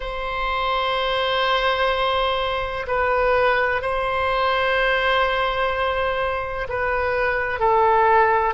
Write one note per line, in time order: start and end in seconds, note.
0.00 2.86 C5
2.87 3.81 B4
3.81 6.67 C5
6.68 7.59 B4
7.59 8.54 A4